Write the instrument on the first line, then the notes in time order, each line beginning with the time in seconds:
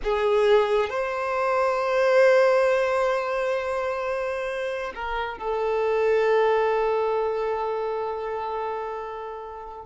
violin
0.03 G#4
0.89 C5
4.95 A#4
5.38 A4